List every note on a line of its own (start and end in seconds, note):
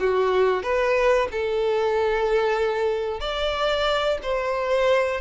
0.00 0.63 F#4
0.63 1.29 B4
1.32 3.20 A4
3.20 4.18 D5
4.23 5.21 C5